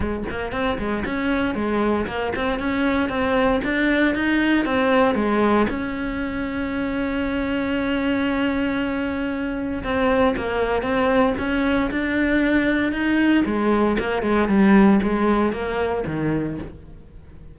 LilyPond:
\new Staff \with { instrumentName = "cello" } { \time 4/4 \tempo 4 = 116 gis8 ais8 c'8 gis8 cis'4 gis4 | ais8 c'8 cis'4 c'4 d'4 | dis'4 c'4 gis4 cis'4~ | cis'1~ |
cis'2. c'4 | ais4 c'4 cis'4 d'4~ | d'4 dis'4 gis4 ais8 gis8 | g4 gis4 ais4 dis4 | }